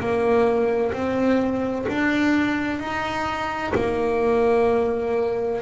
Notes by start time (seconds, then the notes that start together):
0.00 A#3
0.93 C4
1.89 D4
2.80 D#4
3.75 A#3